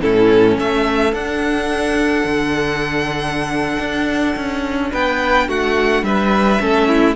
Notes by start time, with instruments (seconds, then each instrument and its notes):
0.00 cello A2, viola C#4, violin E4 A4
0.57 cello A3, violin A4 E5
1.12 viola D4, cello D4, violin F#5
2.24 cello D3
3.79 cello D4
4.36 cello C#4
4.92 cello B3, violin B4 G5
5.48 cello A3, violin F#4 F#5
6.02 cello G3, violin B4 E5
6.60 cello A3, viola C#4, violin A4
6.88 violin E4